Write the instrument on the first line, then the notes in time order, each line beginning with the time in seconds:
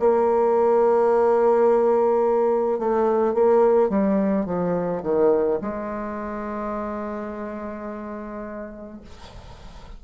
bassoon
0.00 A#3
2.79 A3
3.34 A#3
3.90 G3
4.46 F3
5.03 D#3
5.62 G#3